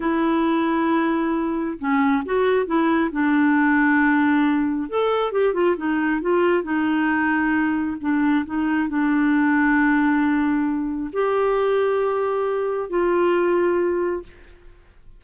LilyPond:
\new Staff \with { instrumentName = "clarinet" } { \time 4/4 \tempo 4 = 135 e'1 | cis'4 fis'4 e'4 d'4~ | d'2. a'4 | g'8 f'8 dis'4 f'4 dis'4~ |
dis'2 d'4 dis'4 | d'1~ | d'4 g'2.~ | g'4 f'2. | }